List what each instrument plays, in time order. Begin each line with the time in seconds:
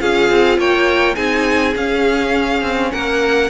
0.00 cello C#4, viola F4, violin G#4 F5
0.30 cello C4
0.58 cello A#3, violin C#5 G5
1.14 cello C4, viola D#4, violin G#4 G#5
1.75 cello C#4, viola C#4, violin F5
2.62 cello C4
2.92 cello A#3, violin A#4 F#5